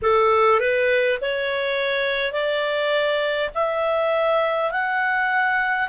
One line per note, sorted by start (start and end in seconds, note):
0.02 0.59 A4
0.59 1.18 B4
1.21 2.32 C#5
2.32 3.50 D5
3.54 4.71 E5
4.71 5.88 F#5